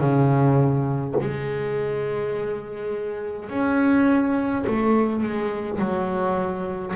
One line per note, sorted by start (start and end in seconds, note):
0.00 1.15 C#3
1.21 3.50 G#3
3.50 4.65 C#4
4.67 5.23 A3
5.23 5.80 G#3
5.80 6.95 F#3